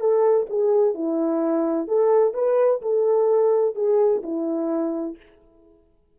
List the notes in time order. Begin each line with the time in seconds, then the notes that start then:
0.00 A4
0.50 G#4
0.94 E4
1.87 A4
2.34 B4
2.82 A4
3.75 G#4
4.23 E4